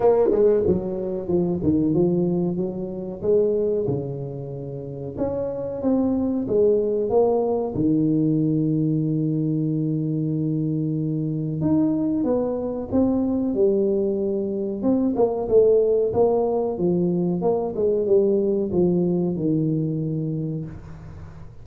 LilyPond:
\new Staff \with { instrumentName = "tuba" } { \time 4/4 \tempo 4 = 93 ais8 gis8 fis4 f8 dis8 f4 | fis4 gis4 cis2 | cis'4 c'4 gis4 ais4 | dis1~ |
dis2 dis'4 b4 | c'4 g2 c'8 ais8 | a4 ais4 f4 ais8 gis8 | g4 f4 dis2 | }